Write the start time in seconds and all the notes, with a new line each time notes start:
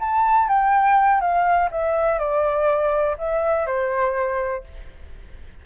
0.00 A5
0.48 G5
1.21 F5
1.71 E5
2.19 D5
3.18 E5
3.67 C5